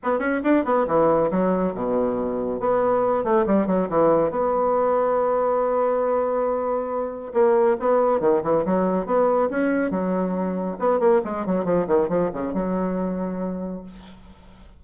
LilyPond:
\new Staff \with { instrumentName = "bassoon" } { \time 4/4 \tempo 4 = 139 b8 cis'8 d'8 b8 e4 fis4 | b,2 b4. a8 | g8 fis8 e4 b2~ | b1~ |
b4 ais4 b4 dis8 e8 | fis4 b4 cis'4 fis4~ | fis4 b8 ais8 gis8 fis8 f8 dis8 | f8 cis8 fis2. | }